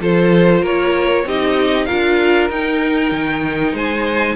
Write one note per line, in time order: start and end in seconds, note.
0.00 0.62 F3
0.00 1.25 F4
0.00 0.62 A4
0.00 0.65 C5
0.62 1.25 A#3
0.62 1.24 A#4
0.62 1.28 C#5
1.25 1.87 C4
1.25 1.88 D#4
1.25 1.87 G4
1.25 1.85 D#5
1.85 2.50 F4
1.85 3.74 A#4
1.85 2.48 F5
1.91 2.50 D4
2.50 3.11 D#4
2.50 4.36 D#4
2.50 3.76 G5
3.11 3.73 D#3
3.73 4.36 G#3
3.73 4.36 C5
3.73 4.36 G#5